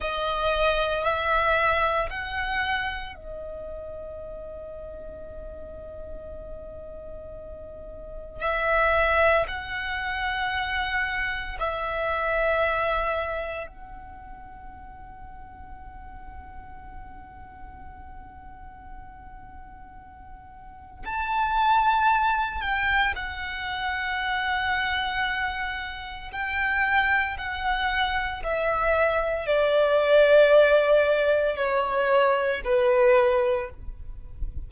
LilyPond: \new Staff \with { instrumentName = "violin" } { \time 4/4 \tempo 4 = 57 dis''4 e''4 fis''4 dis''4~ | dis''1 | e''4 fis''2 e''4~ | e''4 fis''2.~ |
fis''1 | a''4. g''8 fis''2~ | fis''4 g''4 fis''4 e''4 | d''2 cis''4 b'4 | }